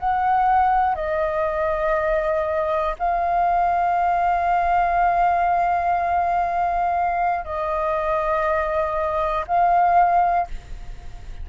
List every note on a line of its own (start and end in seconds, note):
0.00 0.95 F#5
0.95 2.95 D#5
2.99 7.45 F5
7.45 9.45 D#5
9.47 10.47 F5